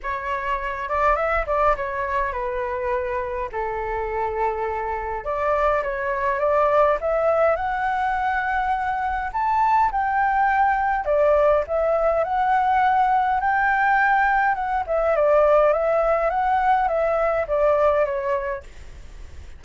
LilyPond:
\new Staff \with { instrumentName = "flute" } { \time 4/4 \tempo 4 = 103 cis''4. d''8 e''8 d''8 cis''4 | b'2 a'2~ | a'4 d''4 cis''4 d''4 | e''4 fis''2. |
a''4 g''2 d''4 | e''4 fis''2 g''4~ | g''4 fis''8 e''8 d''4 e''4 | fis''4 e''4 d''4 cis''4 | }